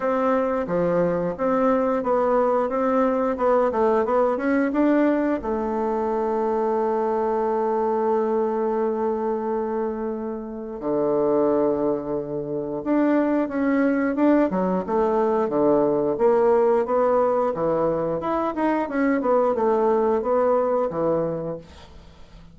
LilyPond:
\new Staff \with { instrumentName = "bassoon" } { \time 4/4 \tempo 4 = 89 c'4 f4 c'4 b4 | c'4 b8 a8 b8 cis'8 d'4 | a1~ | a1 |
d2. d'4 | cis'4 d'8 fis8 a4 d4 | ais4 b4 e4 e'8 dis'8 | cis'8 b8 a4 b4 e4 | }